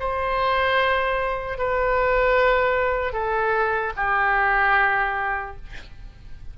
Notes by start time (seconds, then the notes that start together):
0.00 C5
1.59 B4
3.13 A4
3.97 G4